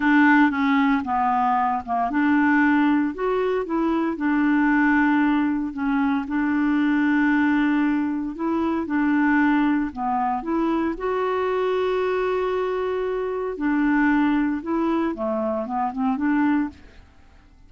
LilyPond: \new Staff \with { instrumentName = "clarinet" } { \time 4/4 \tempo 4 = 115 d'4 cis'4 b4. ais8 | d'2 fis'4 e'4 | d'2. cis'4 | d'1 |
e'4 d'2 b4 | e'4 fis'2.~ | fis'2 d'2 | e'4 a4 b8 c'8 d'4 | }